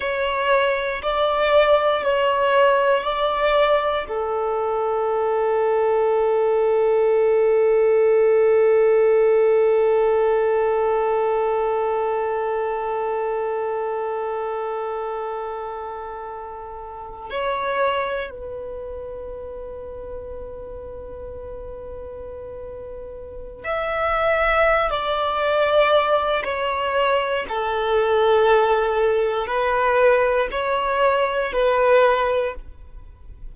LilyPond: \new Staff \with { instrumentName = "violin" } { \time 4/4 \tempo 4 = 59 cis''4 d''4 cis''4 d''4 | a'1~ | a'1~ | a'1~ |
a'4 cis''4 b'2~ | b'2.~ b'16 e''8.~ | e''8 d''4. cis''4 a'4~ | a'4 b'4 cis''4 b'4 | }